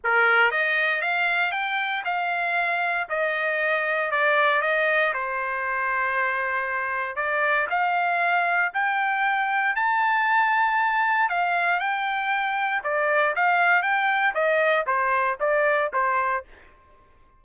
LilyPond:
\new Staff \with { instrumentName = "trumpet" } { \time 4/4 \tempo 4 = 117 ais'4 dis''4 f''4 g''4 | f''2 dis''2 | d''4 dis''4 c''2~ | c''2 d''4 f''4~ |
f''4 g''2 a''4~ | a''2 f''4 g''4~ | g''4 d''4 f''4 g''4 | dis''4 c''4 d''4 c''4 | }